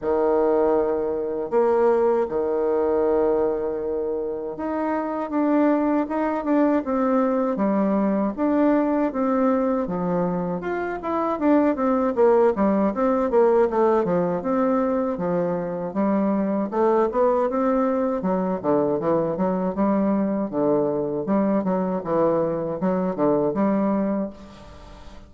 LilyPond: \new Staff \with { instrumentName = "bassoon" } { \time 4/4 \tempo 4 = 79 dis2 ais4 dis4~ | dis2 dis'4 d'4 | dis'8 d'8 c'4 g4 d'4 | c'4 f4 f'8 e'8 d'8 c'8 |
ais8 g8 c'8 ais8 a8 f8 c'4 | f4 g4 a8 b8 c'4 | fis8 d8 e8 fis8 g4 d4 | g8 fis8 e4 fis8 d8 g4 | }